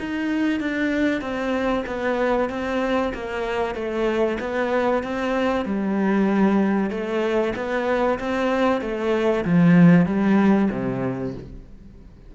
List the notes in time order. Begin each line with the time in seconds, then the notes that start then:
0.00 D#4
0.60 D4
1.21 C4
1.87 B3
2.50 C4
3.14 A#3
3.75 A3
4.40 B3
5.04 C4
5.65 G3
6.91 A3
7.56 B3
8.19 C4
8.81 A3
9.45 F3
10.06 G3
10.71 C3